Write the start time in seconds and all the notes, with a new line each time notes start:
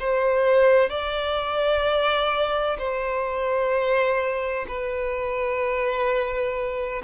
0.00 C5
0.90 D5
2.79 C5
4.68 B4